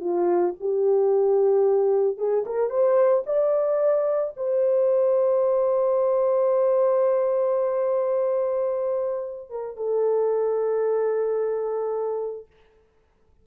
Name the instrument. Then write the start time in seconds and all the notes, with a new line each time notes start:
horn
0.00 F4
0.60 G4
2.17 G#4
2.45 A#4
2.70 C5
3.26 D5
4.37 C5
9.49 A#4
9.76 A4